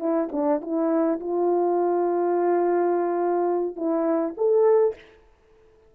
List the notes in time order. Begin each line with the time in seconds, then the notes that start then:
0.00 E4
0.33 D4
0.62 E4
1.20 F4
3.76 E4
4.37 A4